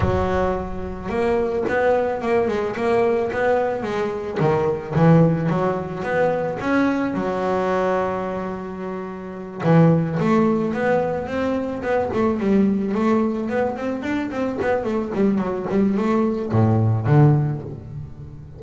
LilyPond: \new Staff \with { instrumentName = "double bass" } { \time 4/4 \tempo 4 = 109 fis2 ais4 b4 | ais8 gis8 ais4 b4 gis4 | dis4 e4 fis4 b4 | cis'4 fis2.~ |
fis4. e4 a4 b8~ | b8 c'4 b8 a8 g4 a8~ | a8 b8 c'8 d'8 c'8 b8 a8 g8 | fis8 g8 a4 a,4 d4 | }